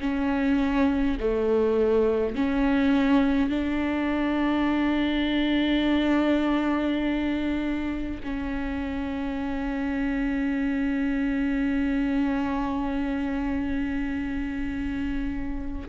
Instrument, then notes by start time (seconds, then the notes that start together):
viola
0.00 C#4
1.20 A3
2.35 C#4
3.50 D4
8.24 C#4